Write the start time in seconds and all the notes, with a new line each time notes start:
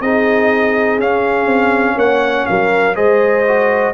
0.00 C4 D#4 G#4 D#5
0.99 C#4 F5
1.45 C4
1.95 A#3 C#5 F#5
2.46 F#3 A#4 F5
2.95 G#3 G#4 C5 D#5
3.47 F#4